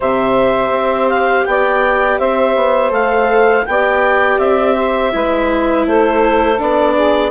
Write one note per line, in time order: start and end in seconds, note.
0.00 0.70 C3
0.00 2.89 G4
0.00 1.46 C5
0.00 1.09 E5
0.70 1.43 C4
1.09 1.45 F5
1.45 2.20 B3
1.45 2.19 D5
1.45 2.18 G5
2.18 2.55 C4
2.18 3.65 C5
2.18 2.92 E5
2.55 2.90 B3
2.89 3.64 A3
2.89 3.62 A4
2.89 3.66 F5
3.66 4.38 B3
3.66 5.11 G4
3.66 4.75 D5
3.66 4.39 G5
4.38 5.12 C4
4.38 5.85 E5
4.75 5.12 C5
5.11 5.86 G#3
5.11 6.57 E4
5.11 5.87 B4
5.86 6.59 A3
5.86 6.94 A4
5.86 6.60 C5
6.58 7.30 B3
6.58 7.30 D4
6.58 7.30 D5
6.94 7.30 G#4